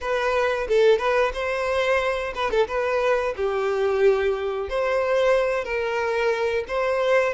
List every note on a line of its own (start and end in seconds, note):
0.00 0.67 B4
0.68 0.98 A4
0.98 1.32 B4
1.33 2.33 C5
2.35 2.50 B4
2.50 2.67 A4
2.67 3.34 B4
3.36 4.68 G4
4.68 5.64 C5
5.64 6.64 A#4
6.68 7.33 C5